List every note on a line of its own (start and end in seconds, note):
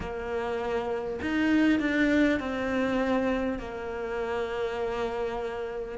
0.00 1.20 A#3
1.21 1.79 D#4
1.79 2.39 D4
2.39 3.58 C4
3.58 5.98 A#3